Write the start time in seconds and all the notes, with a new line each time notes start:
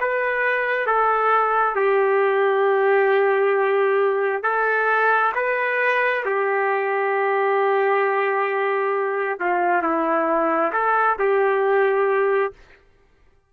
0.00 B4
0.87 A4
1.75 G4
4.43 A4
5.35 B4
6.25 G4
9.40 F4
9.83 E4
10.73 A4
11.19 G4